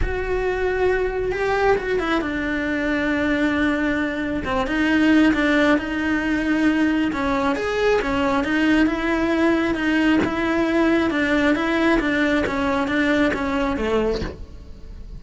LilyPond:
\new Staff \with { instrumentName = "cello" } { \time 4/4 \tempo 4 = 135 fis'2. g'4 | fis'8 e'8 d'2.~ | d'2 c'8 dis'4. | d'4 dis'2. |
cis'4 gis'4 cis'4 dis'4 | e'2 dis'4 e'4~ | e'4 d'4 e'4 d'4 | cis'4 d'4 cis'4 a4 | }